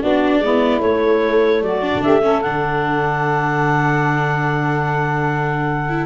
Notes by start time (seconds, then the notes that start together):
0.00 B3 D4 F#4 D5
0.39 G#3 B3 E4
0.80 A3 C#5
1.62 F#3 F#4 D5
1.82 D4
1.94 D3
2.03 A3 G4 E5
2.22 C#4 A4
2.42 D3 D4 F#5
5.89 E4